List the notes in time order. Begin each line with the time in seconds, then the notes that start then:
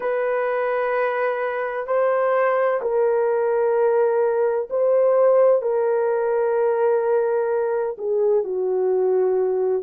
0.00 B4
1.86 C5
2.81 A#4
4.70 C5
5.62 A#4
7.98 G#4
8.44 F#4